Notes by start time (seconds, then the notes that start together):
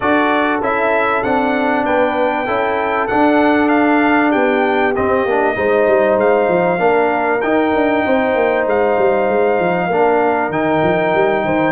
0.00 D4 F#4 A4 D5
0.61 C#4 E4 E5
1.23 C4 D4 F#5
1.85 B3 B4 G5
2.46 C#4 E4 A4
3.07 D4 F#5
3.69 F5
4.30 B3 G4 G5
4.95 C4 D#5
5.25 A#3 D4
5.55 G#3 D#4 C5
5.87 G3
6.16 G#3 F5
6.48 F3
6.78 A#3 D4 A#4
7.41 D#4 G5
7.74 D4
8.04 C4 C5
8.35 A#3
8.66 G#3 F5
8.98 G3
9.28 G#3
9.59 F3
9.87 A#3 D4 A#4
10.49 D#3 D#4 G5
10.82 F3
11.14 G3
11.44 D#3 C5